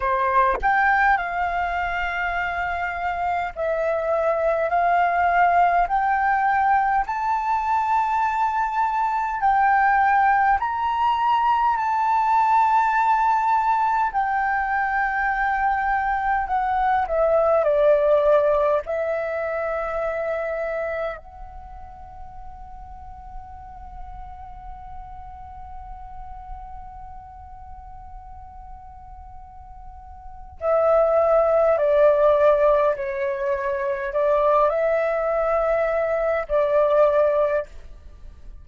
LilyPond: \new Staff \with { instrumentName = "flute" } { \time 4/4 \tempo 4 = 51 c''8 g''8 f''2 e''4 | f''4 g''4 a''2 | g''4 ais''4 a''2 | g''2 fis''8 e''8 d''4 |
e''2 fis''2~ | fis''1~ | fis''2 e''4 d''4 | cis''4 d''8 e''4. d''4 | }